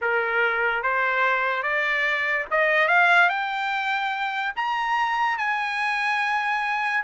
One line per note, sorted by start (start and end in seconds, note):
0.01 0.83 A#4
0.83 1.63 C5
1.63 2.45 D5
2.50 2.88 D#5
2.88 3.29 F5
3.29 4.53 G5
4.56 5.38 A#5
5.38 7.03 G#5